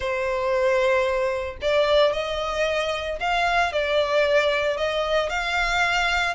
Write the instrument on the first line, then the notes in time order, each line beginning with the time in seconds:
violin
0.00 C5
1.61 D5
2.12 D#5
3.20 F5
3.72 D5
4.77 D#5
5.29 F5